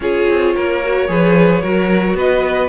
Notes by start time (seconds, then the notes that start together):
0.00 C#4 F4 G#4 C#5
0.29 C4
0.54 A#3 A#4
0.84 F#4
1.08 F3 G#4 B4
1.61 F#3 F#4 A#4
2.13 B3 B4 D#5